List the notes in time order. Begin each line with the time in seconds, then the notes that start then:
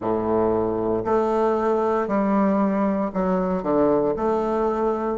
0.00 A2
1.04 A3
2.07 G3
3.13 F#3
3.62 D3
4.16 A3